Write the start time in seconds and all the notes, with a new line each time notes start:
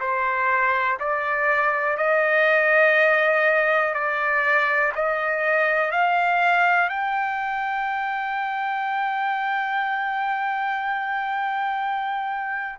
0.00 C5
1.00 D5
1.97 D#5
3.93 D5
4.95 D#5
5.91 F5
6.89 G5